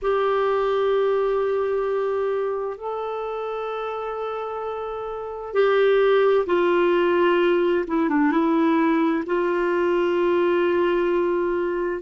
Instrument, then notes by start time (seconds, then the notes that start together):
clarinet
0.02 G4
2.77 A4
5.53 G4
6.46 F4
7.87 E4
8.09 D4
8.31 E4
9.26 F4